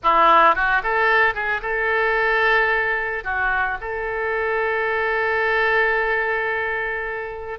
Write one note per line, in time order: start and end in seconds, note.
0.03 0.55 E4
0.55 0.82 F#4
0.83 1.34 A4
1.34 1.61 G#4
1.61 3.24 A4
3.24 3.78 F#4
3.80 7.59 A4